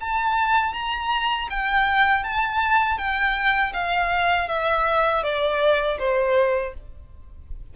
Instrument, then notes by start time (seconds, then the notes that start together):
violin
0.00 A5
0.73 A#5
1.50 G5
2.23 A5
2.98 G5
3.73 F5
4.48 E5
5.23 D5
5.98 C5